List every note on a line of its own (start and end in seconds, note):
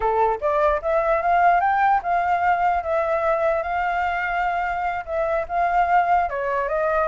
0.00 0.39 A4
0.40 0.81 D5
0.81 1.22 E5
1.22 1.60 F5
1.60 2.01 G5
2.03 2.83 F5
2.83 3.63 E5
3.63 5.05 F5
5.05 5.46 E5
5.48 6.29 F5
6.29 6.68 C#5
6.68 7.07 D#5